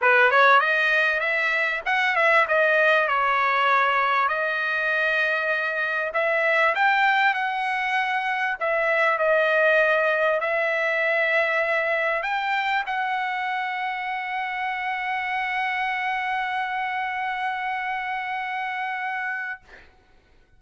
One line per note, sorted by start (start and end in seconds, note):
0.01 0.30 B4
0.30 0.60 C#5
0.60 1.19 D#5
1.19 1.81 E5
1.85 2.15 F#5
2.15 2.46 E5
2.47 3.08 D#5
3.08 4.28 C#5
4.28 6.11 D#5
6.13 6.75 E5
6.75 7.34 G5
7.34 8.56 F#5
8.60 9.18 E5
9.18 10.40 D#5
10.40 12.22 E5
12.22 12.83 G5
12.86 19.59 F#5